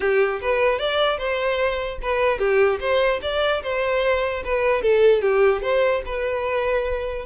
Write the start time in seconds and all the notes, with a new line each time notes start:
0.00 G4
0.41 B4
0.78 D5
1.18 C5
2.01 B4
2.39 G4
2.80 C5
3.22 D5
3.62 C5
4.44 B4
4.82 A4
5.21 G4
5.61 C5
6.05 B4